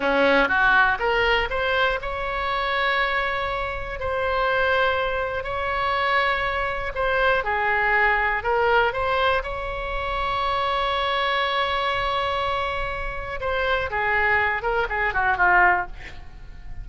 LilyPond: \new Staff \with { instrumentName = "oboe" } { \time 4/4 \tempo 4 = 121 cis'4 fis'4 ais'4 c''4 | cis''1 | c''2. cis''4~ | cis''2 c''4 gis'4~ |
gis'4 ais'4 c''4 cis''4~ | cis''1~ | cis''2. c''4 | gis'4. ais'8 gis'8 fis'8 f'4 | }